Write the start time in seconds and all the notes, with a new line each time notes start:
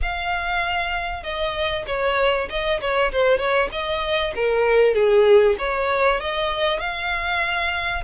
0.01 F5
1.23 D#5
1.87 C#5
2.49 D#5
2.80 C#5
3.12 C5
3.37 C#5
3.71 D#5
4.35 A#4
4.94 G#4
5.58 C#5
6.20 D#5
6.79 F5